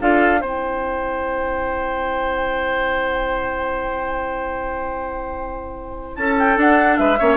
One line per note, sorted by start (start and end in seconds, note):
0.00 0.42 D4
0.00 0.39 F4
0.00 0.40 A4
0.00 0.41 F5
0.39 6.17 C4
0.39 6.55 E4
0.39 6.16 C5
0.39 6.15 G5
6.15 6.57 C#4
6.15 6.99 A4
6.15 6.36 A5
6.39 6.59 G5
6.55 7.17 D4
6.55 6.98 D4
6.55 6.96 F#5
6.96 7.19 G#3
6.96 7.19 B4
6.96 7.37 E5
7.19 7.37 A#3
7.19 7.37 C#4
7.19 7.37 C#5